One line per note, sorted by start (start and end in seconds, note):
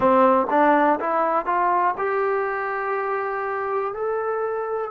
0.00 0.46 C4
0.50 0.99 D4
1.00 1.45 E4
1.45 1.94 F4
1.97 3.93 G4
3.93 4.90 A4